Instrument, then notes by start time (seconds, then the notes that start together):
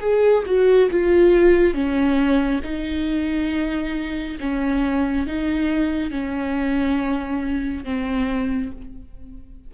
viola
0.00 G#4
0.46 F#4
0.91 F4
1.74 C#4
2.63 D#4
4.40 C#4
5.26 D#4
6.11 C#4
7.84 C4